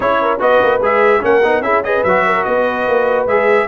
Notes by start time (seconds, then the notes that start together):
0.00 C#4 E4 G#4 C#5
0.21 A#4
0.39 B3 F#4 B4 D#5
0.62 A#3
0.80 G#3 G#4 E5
1.20 A#3 C#4 A#4 F#5
1.43 B3 D#4
1.60 C#4 E4 G#4 E5
1.83 G#4 B4 D#5
2.03 F#3 F#4 E5
2.26 A#4
2.44 B3 B4 D#5
2.87 A#3
3.26 G#3 G#4 E5